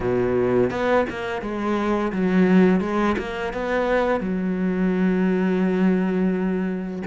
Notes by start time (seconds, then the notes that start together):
0.00 B2
0.70 B3
1.09 A#3
1.41 G#3
2.12 F#3
2.80 G#3
3.18 A#3
3.53 B3
4.20 F#3